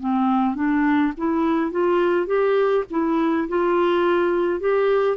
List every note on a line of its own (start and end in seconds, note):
0.00 0.55 C4
0.55 1.13 D4
1.17 1.71 E4
1.71 2.27 F4
2.27 2.84 G4
2.90 3.48 E4
3.48 4.60 F4
4.60 5.17 G4